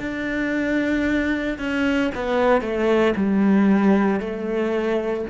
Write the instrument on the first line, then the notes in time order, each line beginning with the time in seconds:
cello
0.00 D4
1.58 C#4
2.14 B3
2.61 A3
3.16 G3
4.20 A3